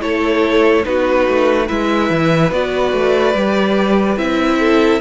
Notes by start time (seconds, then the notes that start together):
0.00 A3 E4 A4 C#5
0.83 B3 D#4 F#4 B4
1.28 A3
1.66 G#3 E4 B4 E5
2.10 E3
2.51 B3 F#4 D5
2.93 A3
3.34 G3 G4
4.16 C4 E4 E5
4.60 A4